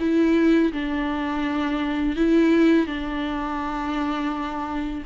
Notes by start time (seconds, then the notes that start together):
0.00 E4
0.73 D4
2.16 E4
2.87 D4